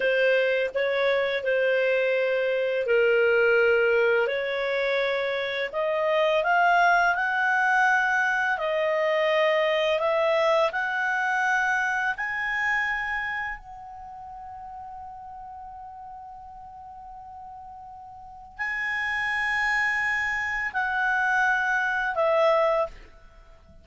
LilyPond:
\new Staff \with { instrumentName = "clarinet" } { \time 4/4 \tempo 4 = 84 c''4 cis''4 c''2 | ais'2 cis''2 | dis''4 f''4 fis''2 | dis''2 e''4 fis''4~ |
fis''4 gis''2 fis''4~ | fis''1~ | fis''2 gis''2~ | gis''4 fis''2 e''4 | }